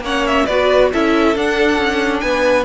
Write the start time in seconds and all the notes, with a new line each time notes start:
0.00 A#3 C#4 C#5 F#5
0.27 E5
0.46 B3 F#4 B4 D5
0.93 C#4 E4 A4 E5
1.35 D4 F#5
1.78 C#4
2.20 B3 B4 G#5